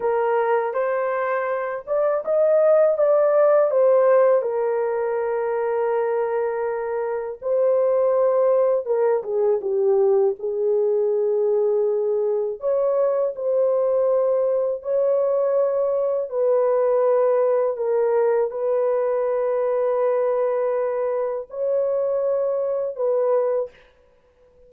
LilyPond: \new Staff \with { instrumentName = "horn" } { \time 4/4 \tempo 4 = 81 ais'4 c''4. d''8 dis''4 | d''4 c''4 ais'2~ | ais'2 c''2 | ais'8 gis'8 g'4 gis'2~ |
gis'4 cis''4 c''2 | cis''2 b'2 | ais'4 b'2.~ | b'4 cis''2 b'4 | }